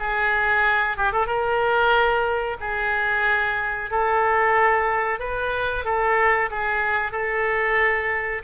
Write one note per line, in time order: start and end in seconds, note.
0.00 0.98 G#4
0.98 1.13 G4
1.13 1.27 A4
1.27 2.57 A#4
2.61 3.91 G#4
3.91 5.20 A4
5.20 5.85 B4
5.85 6.50 A4
6.51 7.12 G#4
7.12 8.43 A4